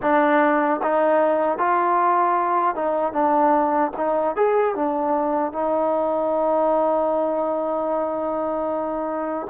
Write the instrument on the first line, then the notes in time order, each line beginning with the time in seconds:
trombone
0.02 D4
0.83 D#4
1.58 F4
2.75 D#4
3.12 D4
3.97 D#4
4.36 G#4
4.75 D4
5.52 D#4